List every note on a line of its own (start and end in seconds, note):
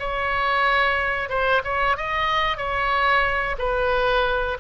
0.00 1.30 C#5
1.30 1.63 C5
1.65 1.98 C#5
1.98 2.58 D#5
2.58 3.57 C#5
3.59 4.58 B4